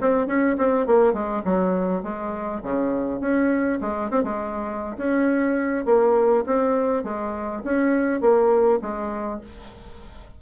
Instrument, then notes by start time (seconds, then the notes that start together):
bassoon
0.00 C4
0.26 C#4
0.57 C4
0.86 A#3
1.13 G#3
1.44 F#3
2.03 G#3
2.63 C#3
3.20 C#4
3.81 G#3
4.10 C4
4.23 G#3
4.97 C#4
5.85 A#3
6.46 C4
7.03 G#3
7.64 C#4
8.21 A#3
8.81 G#3